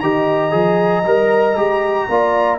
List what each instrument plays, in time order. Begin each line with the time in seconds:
0.00 tuba D#3, trombone G4, horn D#5, trumpet A#5
0.51 tuba F3, trombone G#4
1.05 tuba G3, trombone A#4
1.56 tuba G#3, trombone G4
2.09 tuba A#3, trombone F4, horn D5